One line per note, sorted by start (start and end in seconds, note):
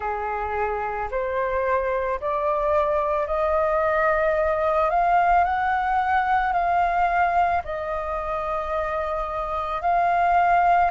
0.00 1.09 G#4
1.11 2.20 C5
2.20 3.27 D5
3.27 4.90 D#5
4.90 5.44 F5
5.44 6.53 F#5
6.53 7.62 F5
7.64 9.81 D#5
9.81 10.90 F5